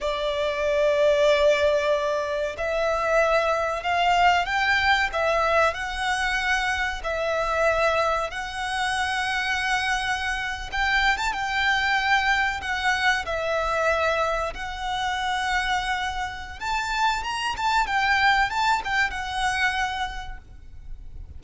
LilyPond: \new Staff \with { instrumentName = "violin" } { \time 4/4 \tempo 4 = 94 d''1 | e''2 f''4 g''4 | e''4 fis''2 e''4~ | e''4 fis''2.~ |
fis''8. g''8. a''16 g''2 fis''16~ | fis''8. e''2 fis''4~ fis''16~ | fis''2 a''4 ais''8 a''8 | g''4 a''8 g''8 fis''2 | }